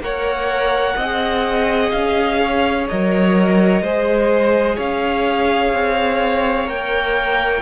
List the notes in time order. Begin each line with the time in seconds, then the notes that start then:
0.00 A#3 A#4 C#5 F#5
0.96 C4 G#4 D#5
1.91 C#4 F5
2.42 C#5
2.88 F#3 A#4 D#5
3.82 G#3 G#4 C5
4.77 C#4 C#5 F5
5.73 C4
6.65 A#3 A#4 G5